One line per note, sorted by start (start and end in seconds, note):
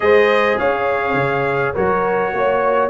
0.00 0.59 G#3
0.00 1.74 G#4
0.00 0.59 C5
0.00 0.58 D#5
0.58 1.13 C#4
0.58 1.74 C#5
0.58 1.75 F5
1.13 1.72 C#3
1.74 2.33 F#3
1.74 2.90 F#4
1.74 2.32 A#4
1.74 2.90 C#5
2.33 2.90 A#3
2.33 2.90 C#5